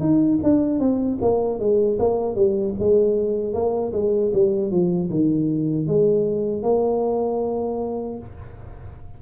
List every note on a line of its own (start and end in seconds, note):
0.00 0.39 D#4
0.43 0.80 D4
0.80 1.19 C4
1.22 1.60 A#3
1.60 1.99 G#3
2.00 2.36 A#3
2.36 2.75 G3
2.80 3.54 G#3
3.54 3.93 A#3
3.93 4.32 G#3
4.34 4.71 G3
4.71 5.10 F3
5.11 5.88 D#3
5.88 6.63 G#3
6.63 8.19 A#3